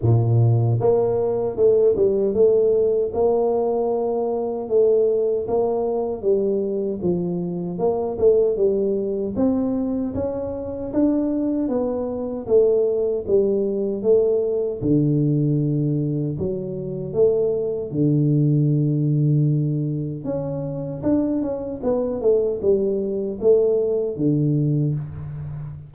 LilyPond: \new Staff \with { instrumentName = "tuba" } { \time 4/4 \tempo 4 = 77 ais,4 ais4 a8 g8 a4 | ais2 a4 ais4 | g4 f4 ais8 a8 g4 | c'4 cis'4 d'4 b4 |
a4 g4 a4 d4~ | d4 fis4 a4 d4~ | d2 cis'4 d'8 cis'8 | b8 a8 g4 a4 d4 | }